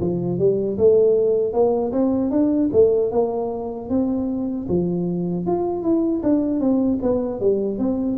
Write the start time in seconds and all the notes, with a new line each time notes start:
0.00 F3
0.38 G3
0.78 A3
1.53 A#3
1.92 C4
2.30 D4
2.72 A3
3.11 A#3
3.89 C4
4.68 F3
5.46 F4
5.82 E4
6.23 D4
6.60 C4
7.02 B3
7.40 G3
7.78 C4